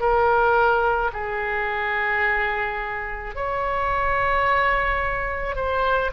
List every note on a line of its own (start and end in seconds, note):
0.00 1.11 A#4
1.13 3.35 G#4
3.35 5.56 C#5
5.56 6.11 C5